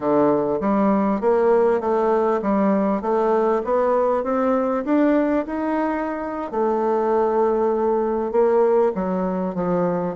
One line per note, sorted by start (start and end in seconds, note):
0.00 0.59 D3
0.60 1.20 G3
1.20 1.80 A#3
1.80 2.40 A3
2.42 3.01 G3
3.01 3.62 A3
3.64 4.23 B3
4.23 4.84 C4
4.85 5.45 D4
5.46 6.51 D#4
6.51 8.31 A3
8.31 8.92 A#3
8.94 9.55 F#3
9.55 10.15 F3